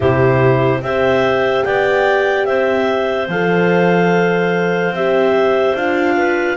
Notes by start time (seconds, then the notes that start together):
0.00 C3 E4 G4 C5
0.81 C4 G4 C5 E5
1.64 B3 D5 G5
2.45 C4 C5 E5
3.28 F3 A4 F5
4.90 C4 G4 E5
5.74 D4 F4 F5
6.16 B4